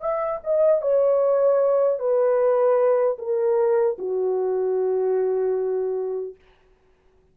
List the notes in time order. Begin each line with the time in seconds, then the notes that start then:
0.00 E5
0.43 D#5
0.81 C#5
1.99 B4
3.18 A#4
3.98 F#4